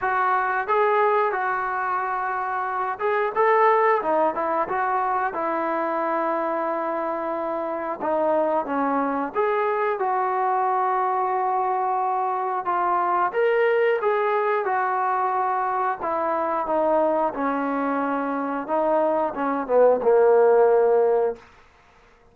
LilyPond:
\new Staff \with { instrumentName = "trombone" } { \time 4/4 \tempo 4 = 90 fis'4 gis'4 fis'2~ | fis'8 gis'8 a'4 dis'8 e'8 fis'4 | e'1 | dis'4 cis'4 gis'4 fis'4~ |
fis'2. f'4 | ais'4 gis'4 fis'2 | e'4 dis'4 cis'2 | dis'4 cis'8 b8 ais2 | }